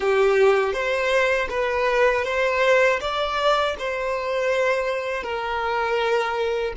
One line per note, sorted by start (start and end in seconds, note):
0.00 0.73 G4
0.73 1.48 C5
1.49 2.24 B4
2.24 2.99 C5
3.00 3.75 D5
3.78 5.23 C5
5.23 6.73 A#4